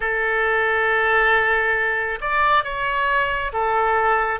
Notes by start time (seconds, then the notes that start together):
0.00 A4
2.21 D5
2.64 C#5
3.53 A4